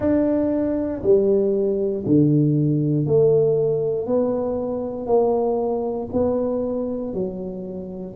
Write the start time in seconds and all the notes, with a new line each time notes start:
0.00 D4
1.02 G3
2.06 D3
3.06 A3
4.06 B3
5.06 A#3
6.12 B3
7.13 F#3